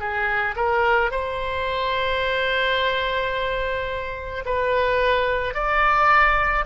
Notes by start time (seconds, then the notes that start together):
0.00 G#4
0.56 A#4
1.12 C5
4.45 B4
5.55 D5